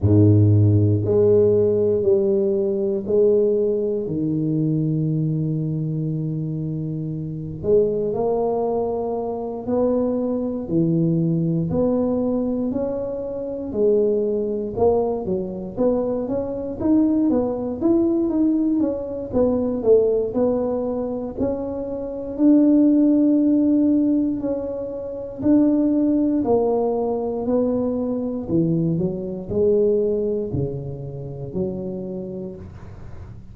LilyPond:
\new Staff \with { instrumentName = "tuba" } { \time 4/4 \tempo 4 = 59 gis,4 gis4 g4 gis4 | dis2.~ dis8 gis8 | ais4. b4 e4 b8~ | b8 cis'4 gis4 ais8 fis8 b8 |
cis'8 dis'8 b8 e'8 dis'8 cis'8 b8 a8 | b4 cis'4 d'2 | cis'4 d'4 ais4 b4 | e8 fis8 gis4 cis4 fis4 | }